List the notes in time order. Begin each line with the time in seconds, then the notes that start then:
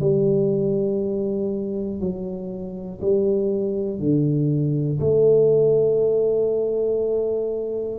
0.00 G3
2.00 F#3
3.01 G3
4.00 D3
5.00 A3